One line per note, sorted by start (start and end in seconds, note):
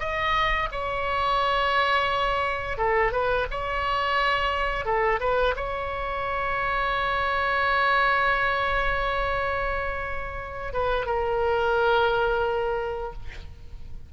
0.00 0.69 D#5
0.72 2.78 C#5
2.78 3.12 A4
3.12 3.46 B4
3.51 4.86 C#5
4.86 5.20 A4
5.20 5.55 B4
5.56 10.73 C#5
10.74 11.06 B4
11.06 13.13 A#4